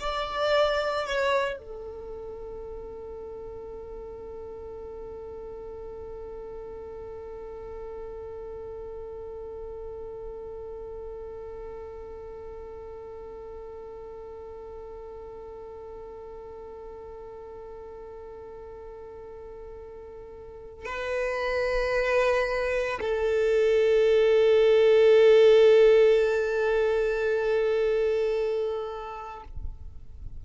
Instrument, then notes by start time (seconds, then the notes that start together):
violin
0.00 D5
1.06 C#5
1.58 A4
20.85 B4
23.01 A4